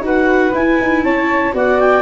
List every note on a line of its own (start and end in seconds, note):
0.00 0.50 D#4
0.00 0.52 F#4
0.00 1.04 B4
0.06 0.55 F#5
0.53 1.53 E4
0.53 0.78 E4
0.53 1.03 G#5
0.80 1.03 D#4
1.03 1.53 C#4
1.03 1.54 C#5
1.03 1.53 A5
1.53 2.02 B3
1.53 2.02 F#4
1.53 2.02 D5
1.53 1.80 F#5
1.80 2.02 G5